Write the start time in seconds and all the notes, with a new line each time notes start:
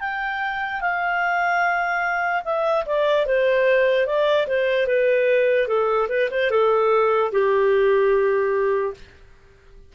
0.00 G5
0.81 F5
2.44 E5
2.86 D5
3.26 C5
4.07 D5
4.47 C5
4.87 B4
5.68 A4
6.09 B4
6.31 C5
6.50 A4
7.32 G4